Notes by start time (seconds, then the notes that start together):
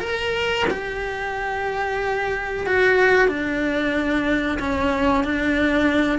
0.00 A#4
0.71 G4
2.67 F#4
3.28 D4
4.59 C#4
5.24 D4